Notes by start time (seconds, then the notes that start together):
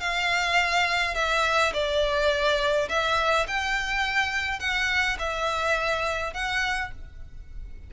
0.00 F5
1.15 E5
1.73 D5
2.88 E5
3.47 G5
4.59 F#5
5.18 E5
6.33 F#5